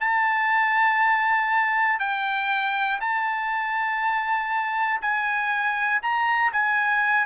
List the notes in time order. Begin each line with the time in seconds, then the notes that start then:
0.00 A5
1.99 G5
3.00 A5
5.01 G#5
6.02 A#5
6.52 G#5